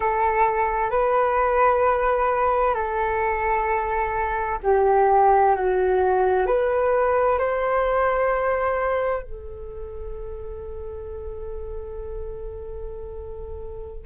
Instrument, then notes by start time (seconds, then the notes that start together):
flute
0.00 A4
0.90 B4
2.74 A4
4.63 G4
5.55 F#4
6.46 B4
7.38 C5
9.22 A4